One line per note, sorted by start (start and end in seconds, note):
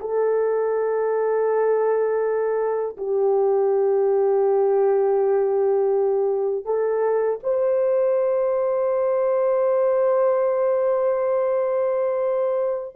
0.00 2.96 A4
2.97 6.65 G4
6.65 7.39 A4
7.43 12.96 C5